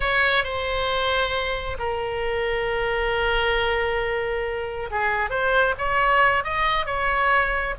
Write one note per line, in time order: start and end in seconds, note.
0.00 0.43 C#5
0.43 1.77 C5
1.78 4.89 A#4
4.91 5.29 G#4
5.29 5.74 C5
5.78 6.43 C#5
6.43 6.85 D#5
6.85 7.74 C#5